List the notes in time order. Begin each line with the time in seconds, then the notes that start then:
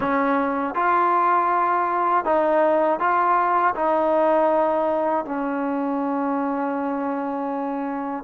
0.00 C#4
0.75 F4
2.25 D#4
2.99 F4
3.75 D#4
5.25 C#4